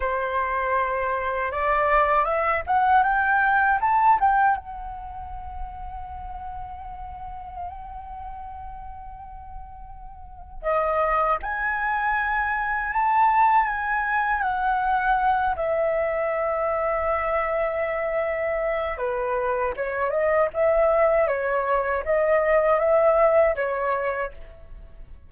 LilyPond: \new Staff \with { instrumentName = "flute" } { \time 4/4 \tempo 4 = 79 c''2 d''4 e''8 fis''8 | g''4 a''8 g''8 fis''2~ | fis''1~ | fis''2 dis''4 gis''4~ |
gis''4 a''4 gis''4 fis''4~ | fis''8 e''2.~ e''8~ | e''4 b'4 cis''8 dis''8 e''4 | cis''4 dis''4 e''4 cis''4 | }